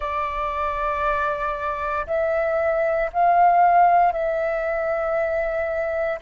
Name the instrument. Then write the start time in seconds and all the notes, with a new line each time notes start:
flute
0.00 D5
2.06 E5
3.12 F5
4.12 E5